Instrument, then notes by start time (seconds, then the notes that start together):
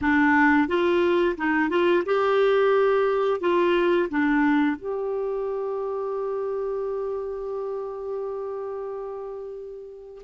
clarinet
0.01 D4
0.68 F4
1.37 D#4
1.69 F4
2.05 G4
3.40 F4
4.09 D4
4.76 G4